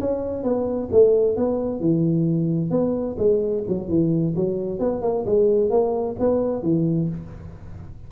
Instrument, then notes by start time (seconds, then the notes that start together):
tuba
0.00 C#4
0.43 B3
0.91 A3
1.36 B3
1.80 E3
2.70 B3
3.18 G#3
3.68 F#3
3.88 E3
4.35 F#3
4.79 B3
5.02 A#3
5.25 G#3
5.70 A#3
6.19 B3
6.62 E3